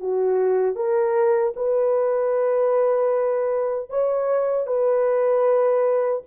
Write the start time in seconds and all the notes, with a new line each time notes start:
0.00 F#4
0.76 A#4
1.56 B4
3.90 C#5
4.67 B4